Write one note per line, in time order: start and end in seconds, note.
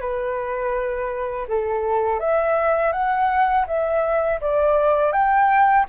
0.00 1.46 B4
1.48 2.19 A4
2.19 2.92 E5
2.92 3.65 F#5
3.67 4.40 E5
4.40 5.12 D5
5.12 5.85 G5